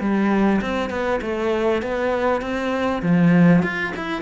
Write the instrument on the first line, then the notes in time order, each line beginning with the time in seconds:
cello
0.00 G3
0.61 C4
0.90 B3
1.21 A3
1.82 B3
2.41 C4
3.02 F3
3.63 F4
3.96 E4